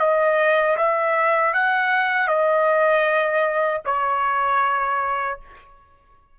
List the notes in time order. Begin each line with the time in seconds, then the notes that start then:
0.00 D#5
0.77 E5
1.54 F#5
2.28 D#5
3.86 C#5